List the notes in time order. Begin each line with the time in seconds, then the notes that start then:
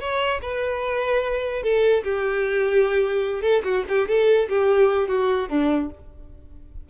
0.00 C#5
0.42 B4
1.63 A4
2.04 G4
3.42 A4
3.64 F#4
3.89 G4
4.08 A4
4.49 G4
5.08 F#4
5.49 D4